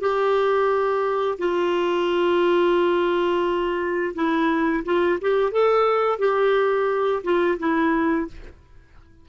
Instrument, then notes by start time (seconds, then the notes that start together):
clarinet
0.00 G4
1.38 F4
4.15 E4
4.85 F4
5.22 G4
5.52 A4
6.19 G4
7.24 F4
7.59 E4